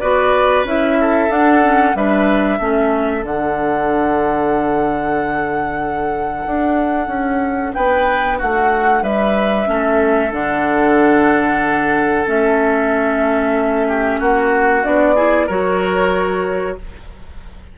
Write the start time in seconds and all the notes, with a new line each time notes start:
0.00 B3 F#4 B4 D5
0.64 C#4 E4 E5
1.01 A4
1.29 D4 F#5
1.63 C#4
1.95 G3 D4 B4 E5
2.59 A3 C#4 A4
3.22 D3 D4 F#5
6.46 D4
7.08 C#4
7.74 B3 B4 G5
8.38 A3 F#4 F#5
9.02 G3 B4 E5
9.66 A3 C#4
9.73 A4
10.32 D3 D4 F#5
12.26 A3 C#4 E5
13.88 G4
14.19 A#3 F#4 F#5
14.83 B3 D4 D5
15.15 E4 G#4
15.46 F#3 F#4 A#4 C#5